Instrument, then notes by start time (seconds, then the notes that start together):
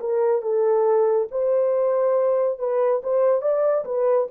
horn
0.00 A#4
0.42 A4
1.31 C5
2.59 B4
3.04 C5
3.42 D5
3.85 B4